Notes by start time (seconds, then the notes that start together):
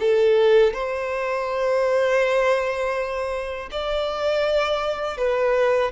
0.00 A4
0.73 C5
3.72 D5
5.17 B4